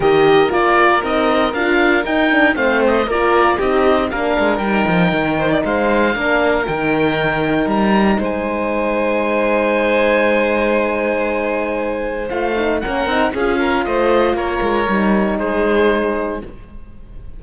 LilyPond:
<<
  \new Staff \with { instrumentName = "oboe" } { \time 4/4 \tempo 4 = 117 dis''4 d''4 dis''4 f''4 | g''4 f''8 dis''8 d''4 dis''4 | f''4 g''2 f''4~ | f''4 g''2 ais''4 |
gis''1~ | gis''1 | f''4 fis''4 f''4 dis''4 | cis''2 c''2 | }
  \new Staff \with { instrumentName = "violin" } { \time 4/4 ais'1~ | ais'4 c''4 ais'4 g'4 | ais'2~ ais'8 c''16 d''16 c''4 | ais'1 |
c''1~ | c''1~ | c''4 ais'4 gis'8 ais'8 c''4 | ais'2 gis'2 | }
  \new Staff \with { instrumentName = "horn" } { \time 4/4 g'4 f'4 dis'4 f'4 | dis'8 d'8 c'4 f'4 dis'4 | d'4 dis'2. | d'4 dis'2.~ |
dis'1~ | dis'1 | f'8 dis'8 cis'8 dis'8 f'2~ | f'4 dis'2. | }
  \new Staff \with { instrumentName = "cello" } { \time 4/4 dis4 ais4 c'4 d'4 | dis'4 a4 ais4 c'4 | ais8 gis8 g8 f8 dis4 gis4 | ais4 dis2 g4 |
gis1~ | gis1 | a4 ais8 c'8 cis'4 a4 | ais8 gis8 g4 gis2 | }
>>